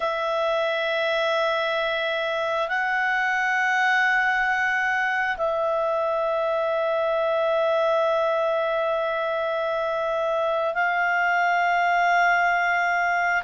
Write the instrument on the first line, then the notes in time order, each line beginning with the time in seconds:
clarinet
0.00 E5
2.68 F#5
5.37 E5
10.74 F5